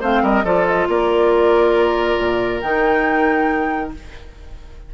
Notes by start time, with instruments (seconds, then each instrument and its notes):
0.00 bassoon A3, clarinet C4, oboe C5, flute F5
0.22 bassoon G3, oboe A#4, flute D#5
0.43 bassoon F3, clarinet F4, oboe A4, flute D5
0.67 flute D#5
0.88 bassoon A#3, oboe A#4, flute D5
2.18 bassoon A#2
2.60 bassoon D#3, clarinet D#4, flute G5